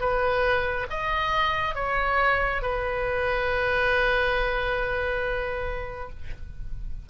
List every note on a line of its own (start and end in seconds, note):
0.00 0.87 B4
0.90 1.75 D#5
1.75 2.62 C#5
2.62 6.10 B4